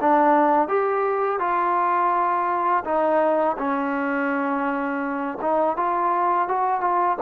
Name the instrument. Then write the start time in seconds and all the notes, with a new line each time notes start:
trombone
0.00 D4
0.68 G4
1.39 F4
2.84 D#4
3.57 C#4
5.41 D#4
5.76 F4
6.48 F#4
6.80 F4